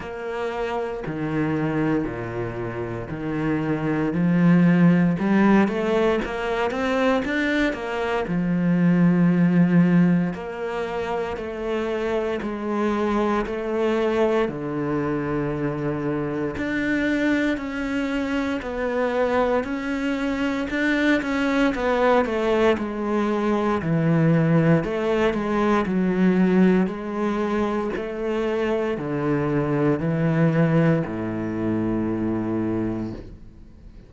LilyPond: \new Staff \with { instrumentName = "cello" } { \time 4/4 \tempo 4 = 58 ais4 dis4 ais,4 dis4 | f4 g8 a8 ais8 c'8 d'8 ais8 | f2 ais4 a4 | gis4 a4 d2 |
d'4 cis'4 b4 cis'4 | d'8 cis'8 b8 a8 gis4 e4 | a8 gis8 fis4 gis4 a4 | d4 e4 a,2 | }